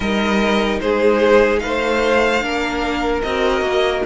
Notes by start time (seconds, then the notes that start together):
0.00 G3 D#4 A#4 D#5
0.80 G#3 G#4 C5
1.59 A3 C5 F5
2.40 A#3 D4 A#4
3.22 C4 F#4 D#5
3.61 A#3